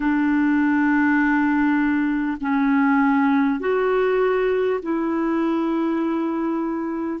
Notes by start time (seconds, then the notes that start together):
0.00 D4
2.40 C#4
3.60 F#4
4.82 E4